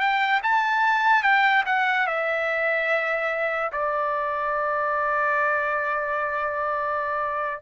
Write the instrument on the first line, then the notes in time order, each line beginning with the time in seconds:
trumpet
0.00 G5
0.43 A5
1.23 G5
1.66 F#5
2.07 E5
3.73 D5